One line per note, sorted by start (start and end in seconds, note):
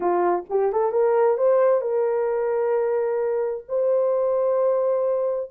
0.00 0.44 F4
0.49 0.72 G4
0.72 0.91 A4
0.91 1.37 A#4
1.37 1.81 C5
1.81 3.64 A#4
3.68 5.50 C5